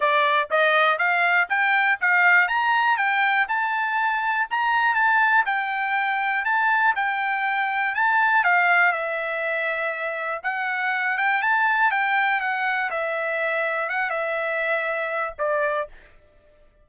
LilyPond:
\new Staff \with { instrumentName = "trumpet" } { \time 4/4 \tempo 4 = 121 d''4 dis''4 f''4 g''4 | f''4 ais''4 g''4 a''4~ | a''4 ais''4 a''4 g''4~ | g''4 a''4 g''2 |
a''4 f''4 e''2~ | e''4 fis''4. g''8 a''4 | g''4 fis''4 e''2 | fis''8 e''2~ e''8 d''4 | }